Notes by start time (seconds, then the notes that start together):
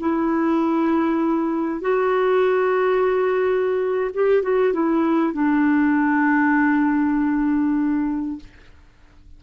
0.00 E4
1.81 F#4
4.14 G4
4.43 F#4
4.73 E4
5.33 D4